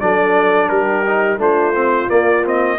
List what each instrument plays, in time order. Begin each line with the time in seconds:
0.00 tuba F#3, trombone D4, horn A4, trumpet D5
0.68 tuba G3, horn G4, trumpet A#4
1.06 trombone D#4
1.38 tuba A3, trombone D4, horn F4, trumpet C5
1.75 trombone C4
2.08 trombone A#3, tuba A#3, trumpet D5
2.43 trombone C4, trumpet D#5